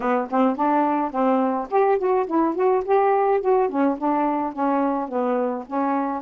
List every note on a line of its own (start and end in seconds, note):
0.00 0.28 B3
0.30 0.56 C4
0.56 1.11 D4
1.11 1.67 C4
1.70 1.98 G4
1.98 2.26 F#4
2.26 2.55 E4
2.55 2.83 F#4
2.85 3.41 G4
3.41 3.69 F#4
3.69 3.97 C#4
3.98 4.52 D4
4.52 5.08 C#4
5.08 5.64 B3
5.66 6.22 C#4